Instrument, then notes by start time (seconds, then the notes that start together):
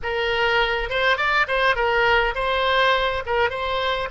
oboe
0.02 A#4
0.89 C5
1.17 D5
1.47 C5
1.75 A#4
2.34 C5
3.26 A#4
3.50 C5